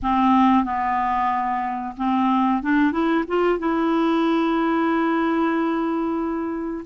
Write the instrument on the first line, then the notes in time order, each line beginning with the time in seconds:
clarinet
0.02 C4
0.64 B3
1.97 C4
2.62 D4
2.91 E4
3.27 F4
3.59 E4